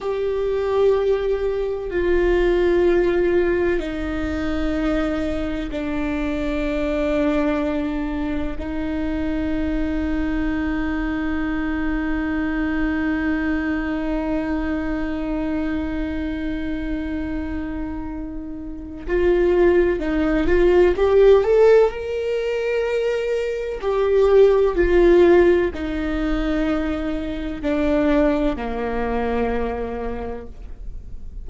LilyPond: \new Staff \with { instrumentName = "viola" } { \time 4/4 \tempo 4 = 63 g'2 f'2 | dis'2 d'2~ | d'4 dis'2.~ | dis'1~ |
dis'1 | f'4 dis'8 f'8 g'8 a'8 ais'4~ | ais'4 g'4 f'4 dis'4~ | dis'4 d'4 ais2 | }